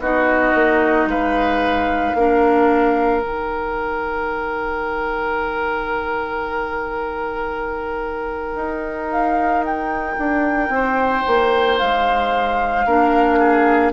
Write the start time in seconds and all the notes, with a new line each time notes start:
0.00 B3 D#4 F#4 D#5
0.55 A#3
1.06 G#3 B4 F5
2.15 A#3 D4 A#4
3.22 D#3 D#4 G5
8.55 D#4
9.11 F5
9.65 G5
10.19 D4
10.69 C4 C5
11.28 A#3
11.79 G#3 F5
12.86 A#3 D4 A#4
13.40 G#4